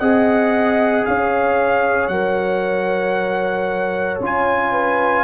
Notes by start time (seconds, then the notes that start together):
0.00 C4 G#4 D#5 F#5
1.06 C#4 C#5 F5
2.08 F#3 A#4 F#5
4.20 C#4 F4 G#5
4.72 B4